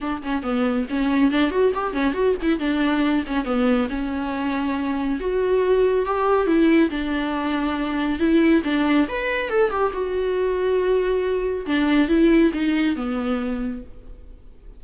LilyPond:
\new Staff \with { instrumentName = "viola" } { \time 4/4 \tempo 4 = 139 d'8 cis'8 b4 cis'4 d'8 fis'8 | g'8 cis'8 fis'8 e'8 d'4. cis'8 | b4 cis'2. | fis'2 g'4 e'4 |
d'2. e'4 | d'4 b'4 a'8 g'8 fis'4~ | fis'2. d'4 | e'4 dis'4 b2 | }